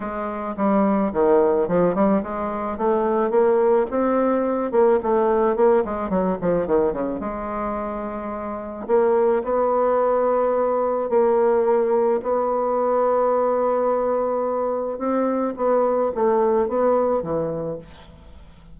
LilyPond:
\new Staff \with { instrumentName = "bassoon" } { \time 4/4 \tempo 4 = 108 gis4 g4 dis4 f8 g8 | gis4 a4 ais4 c'4~ | c'8 ais8 a4 ais8 gis8 fis8 f8 | dis8 cis8 gis2. |
ais4 b2. | ais2 b2~ | b2. c'4 | b4 a4 b4 e4 | }